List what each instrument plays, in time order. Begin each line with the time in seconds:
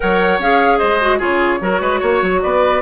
0.00 bassoon F#3, clarinet A#4, oboe C#5, flute F#5
0.39 bassoon C#4, clarinet G#4, flute F5
0.78 bassoon G#3, oboe C5, flute D#5
1.01 clarinet F#4
1.18 bassoon C#3, clarinet F4, oboe G#4, flute C#5
1.60 bassoon F#3, clarinet F#4, oboe A#4
1.80 bassoon G#3, oboe B4
2.00 bassoon A#3, oboe C#5
2.22 bassoon F#3
2.42 bassoon B3, oboe B4, flute D5